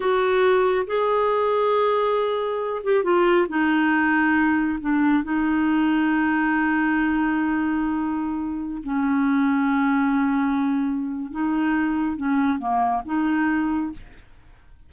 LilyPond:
\new Staff \with { instrumentName = "clarinet" } { \time 4/4 \tempo 4 = 138 fis'2 gis'2~ | gis'2~ gis'8 g'8 f'4 | dis'2. d'4 | dis'1~ |
dis'1~ | dis'16 cis'2.~ cis'8.~ | cis'2 dis'2 | cis'4 ais4 dis'2 | }